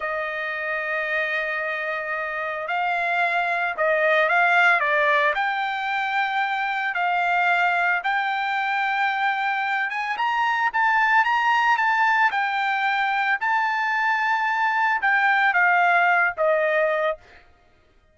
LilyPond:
\new Staff \with { instrumentName = "trumpet" } { \time 4/4 \tempo 4 = 112 dis''1~ | dis''4 f''2 dis''4 | f''4 d''4 g''2~ | g''4 f''2 g''4~ |
g''2~ g''8 gis''8 ais''4 | a''4 ais''4 a''4 g''4~ | g''4 a''2. | g''4 f''4. dis''4. | }